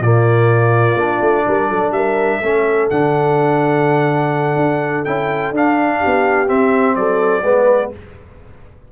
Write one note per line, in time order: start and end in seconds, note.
0.00 0.95 A#2
0.00 0.99 A#3
0.00 1.45 F4
0.00 1.92 D5
0.95 1.19 A#3
0.95 2.43 D4
1.21 1.45 A3
1.48 1.70 G3
1.48 1.70 A#4
1.70 1.91 F#3
1.70 1.94 A4
1.91 2.39 G3
1.91 2.40 A#4
1.91 2.88 E5
2.40 2.90 A3
2.40 2.91 C#4
2.40 6.00 A4
2.90 4.56 D3
2.90 5.06 D4
2.90 5.05 F#5
4.56 5.04 D4
5.05 5.52 C#4
5.05 5.54 E4
5.05 5.53 G5
5.52 6.00 D4
5.52 6.47 D4
5.52 6.49 F5
6.00 6.50 B3
6.00 6.96 G4
6.47 7.43 C4
6.47 6.96 C4
6.47 6.96 E5
6.96 7.43 F#3
6.96 7.44 A4
6.96 7.92 D5
7.43 7.91 G#3
7.43 7.92 B3
7.43 7.92 B4